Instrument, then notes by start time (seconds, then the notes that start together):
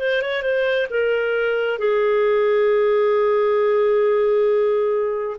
clarinet
0.00 C5
0.22 C#5
0.42 C5
0.90 A#4
1.79 G#4